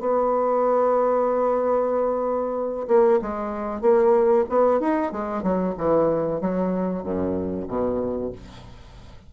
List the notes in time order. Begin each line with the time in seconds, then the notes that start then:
0.00 B3
2.88 A#3
3.22 G#3
3.81 A#3
4.49 B3
4.80 D#4
5.12 G#3
5.43 F#3
5.78 E3
6.41 F#3
7.03 F#2
7.69 B2